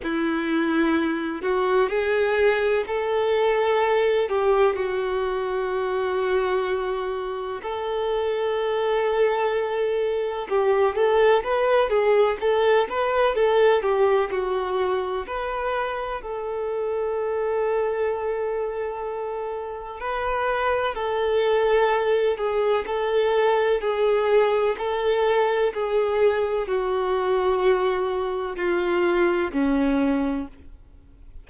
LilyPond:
\new Staff \with { instrumentName = "violin" } { \time 4/4 \tempo 4 = 63 e'4. fis'8 gis'4 a'4~ | a'8 g'8 fis'2. | a'2. g'8 a'8 | b'8 gis'8 a'8 b'8 a'8 g'8 fis'4 |
b'4 a'2.~ | a'4 b'4 a'4. gis'8 | a'4 gis'4 a'4 gis'4 | fis'2 f'4 cis'4 | }